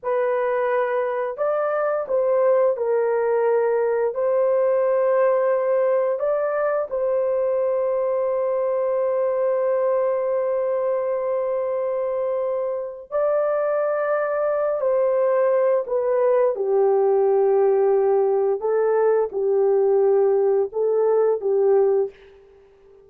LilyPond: \new Staff \with { instrumentName = "horn" } { \time 4/4 \tempo 4 = 87 b'2 d''4 c''4 | ais'2 c''2~ | c''4 d''4 c''2~ | c''1~ |
c''2. d''4~ | d''4. c''4. b'4 | g'2. a'4 | g'2 a'4 g'4 | }